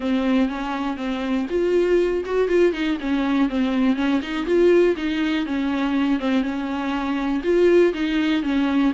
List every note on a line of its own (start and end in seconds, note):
0.00 0.48 C4
0.48 0.96 C#4
0.96 1.46 C4
1.49 2.23 F4
2.25 2.48 F#4
2.48 2.73 F4
2.73 2.97 D#4
3.00 3.49 C#4
3.49 3.95 C4
3.95 4.20 C#4
4.22 4.45 D#4
4.45 4.95 F4
4.96 5.45 D#4
5.45 6.19 C#4
6.19 6.42 C4
6.42 7.42 C#4
7.43 7.93 F4
7.93 8.42 D#4
8.42 8.92 C#4